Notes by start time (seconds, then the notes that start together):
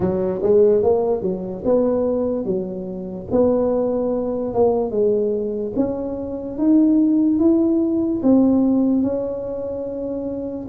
0.00 F#3
0.42 G#3
0.83 A#3
1.22 F#3
1.64 B3
2.45 F#3
3.31 B3
4.54 A#3
4.90 G#3
5.75 C#4
6.58 D#4
7.39 E4
8.22 C4
9.02 C#4